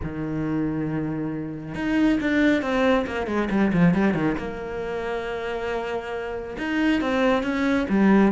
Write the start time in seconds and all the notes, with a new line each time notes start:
0.03 D#3
1.74 D#4
2.20 D4
2.61 C4
3.07 A#3
3.26 G#3
3.50 G3
3.72 F3
3.93 G3
4.14 D#3
4.37 A#3
6.58 D#4
7.01 C4
7.43 C#4
7.89 G3